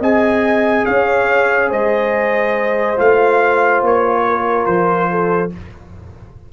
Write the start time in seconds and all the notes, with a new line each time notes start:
0.00 C4 G#4 D#5 G#5
0.86 C#4 C#5 F5
1.69 G#3 C5 D#5
2.96 A3 F4 F5
3.82 A#3 C#5
4.27 A#4
4.66 F3 C5
5.11 A4